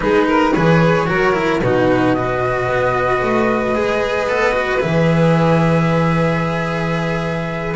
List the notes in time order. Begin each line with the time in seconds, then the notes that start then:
0.00 G#3 D#4 G#4 B4
0.27 A#4
0.52 E3 G#4 B4 C#5
1.06 F#3 F#4 A#4
1.32 E4
1.61 B2 D#4 F#4 B4
2.13 F#4 B4 D#5
2.68 B3
3.22 A3
3.75 G#3 G#4
4.28 B3 A4
4.52 F#4
4.80 E3 G#4 E5